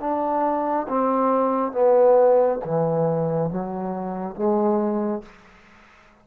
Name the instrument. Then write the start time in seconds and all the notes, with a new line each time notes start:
trombone
0.00 D4
0.88 C4
1.72 B3
2.65 E3
3.50 F#3
4.36 G#3